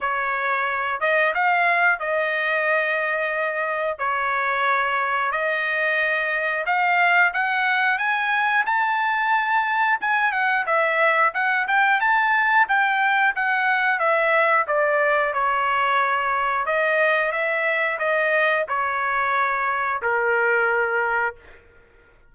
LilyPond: \new Staff \with { instrumentName = "trumpet" } { \time 4/4 \tempo 4 = 90 cis''4. dis''8 f''4 dis''4~ | dis''2 cis''2 | dis''2 f''4 fis''4 | gis''4 a''2 gis''8 fis''8 |
e''4 fis''8 g''8 a''4 g''4 | fis''4 e''4 d''4 cis''4~ | cis''4 dis''4 e''4 dis''4 | cis''2 ais'2 | }